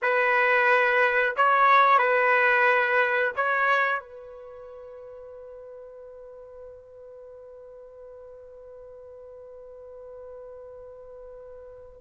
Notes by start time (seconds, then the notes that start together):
0.02 B4
1.36 C#5
1.98 B4
3.35 C#5
3.99 B4